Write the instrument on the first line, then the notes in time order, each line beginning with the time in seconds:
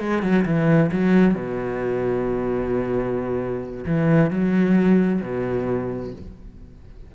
cello
0.00 G#3
0.22 F#3
0.45 E3
0.92 F#3
1.34 B2
3.86 E3
4.30 F#3
5.21 B2